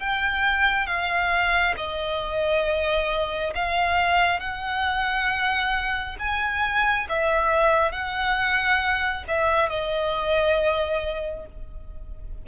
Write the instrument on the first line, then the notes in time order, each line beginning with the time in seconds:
violin
0.00 G5
0.87 F5
1.77 D#5
3.55 F5
4.40 F#5
6.19 G#5
7.09 E5
7.92 F#5
9.28 E5
9.69 D#5